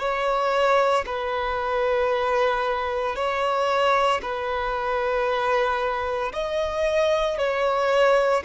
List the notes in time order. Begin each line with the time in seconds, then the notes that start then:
0.00 C#5
1.06 B4
3.16 C#5
4.22 B4
6.33 D#5
7.38 C#5